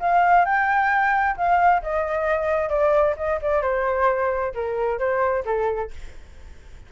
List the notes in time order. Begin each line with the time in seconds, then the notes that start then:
0.00 F5
0.45 G5
1.37 F5
1.83 D#5
2.70 D5
3.17 D#5
3.42 D5
3.62 C5
4.55 A#4
4.99 C5
5.46 A4